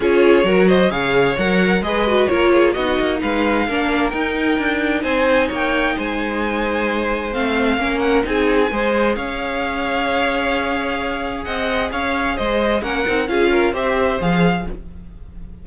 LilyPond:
<<
  \new Staff \with { instrumentName = "violin" } { \time 4/4 \tempo 4 = 131 cis''4. dis''8 f''4 fis''4 | dis''4 cis''4 dis''4 f''4~ | f''4 g''2 gis''4 | g''4 gis''2. |
f''4. fis''8 gis''2 | f''1~ | f''4 fis''4 f''4 dis''4 | fis''4 f''4 e''4 f''4 | }
  \new Staff \with { instrumentName = "violin" } { \time 4/4 gis'4 ais'8 c''8 cis''2 | b'4 ais'8 gis'8 fis'4 b'4 | ais'2. c''4 | cis''4 c''2.~ |
c''4 ais'4 gis'4 c''4 | cis''1~ | cis''4 dis''4 cis''4 c''4 | ais'4 gis'8 ais'8 c''2 | }
  \new Staff \with { instrumentName = "viola" } { \time 4/4 f'4 fis'4 gis'4 ais'4 | gis'8 fis'8 f'4 dis'2 | d'4 dis'2.~ | dis'1 |
c'4 cis'4 dis'4 gis'4~ | gis'1~ | gis'1 | cis'8 dis'8 f'4 g'4 gis'4 | }
  \new Staff \with { instrumentName = "cello" } { \time 4/4 cis'4 fis4 cis4 fis4 | gis4 ais4 b8 ais8 gis4 | ais4 dis'4 d'4 c'4 | ais4 gis2. |
a4 ais4 c'4 gis4 | cis'1~ | cis'4 c'4 cis'4 gis4 | ais8 c'8 cis'4 c'4 f4 | }
>>